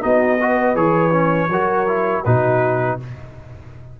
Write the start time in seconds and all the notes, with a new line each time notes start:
0.00 B3 D#4 F#4 D#5
0.41 F#4 B4
0.75 E3 G#4 C#5
1.11 C#4
1.49 F#3 F#4 A#4
1.87 E4
2.24 B2 D#4 F#4 B4